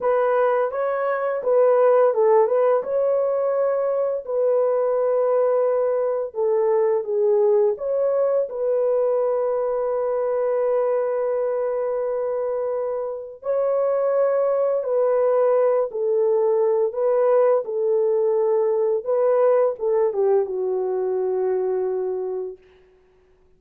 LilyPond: \new Staff \with { instrumentName = "horn" } { \time 4/4 \tempo 4 = 85 b'4 cis''4 b'4 a'8 b'8 | cis''2 b'2~ | b'4 a'4 gis'4 cis''4 | b'1~ |
b'2. cis''4~ | cis''4 b'4. a'4. | b'4 a'2 b'4 | a'8 g'8 fis'2. | }